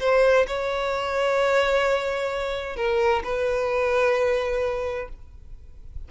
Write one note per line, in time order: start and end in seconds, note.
0.00 0.46 C5
0.47 2.77 C#5
2.77 3.23 A#4
3.24 5.09 B4